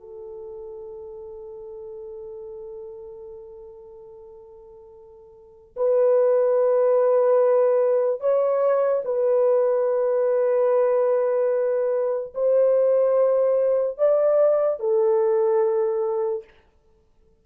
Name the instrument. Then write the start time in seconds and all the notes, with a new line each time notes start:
horn
0.00 A4
5.76 B4
8.20 C#5
9.05 B4
12.34 C5
13.98 D5
14.80 A4